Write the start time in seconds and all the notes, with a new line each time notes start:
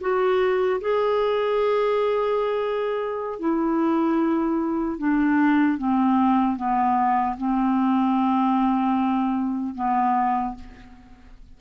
0.00 F#4
0.80 G#4
3.39 E4
4.98 D4
5.78 C4
6.56 B3
7.37 C4
9.75 B3